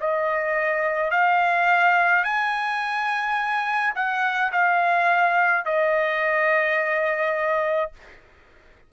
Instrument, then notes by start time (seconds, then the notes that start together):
trumpet
0.00 D#5
1.11 F5
2.24 G#5
3.95 F#5
4.52 F5
5.65 D#5